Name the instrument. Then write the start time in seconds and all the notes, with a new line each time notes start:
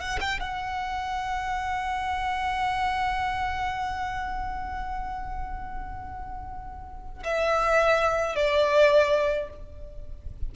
violin
0.00 F#5
0.21 G5
0.40 F#5
7.24 E5
8.35 D5